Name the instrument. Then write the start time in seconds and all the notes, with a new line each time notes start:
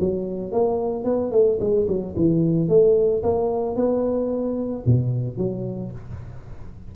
tuba
0.00 F#3
0.52 A#3
1.04 B3
1.31 A3
1.60 G#3
1.88 F#3
2.16 E3
2.69 A3
3.23 A#3
3.76 B3
4.86 B2
5.38 F#3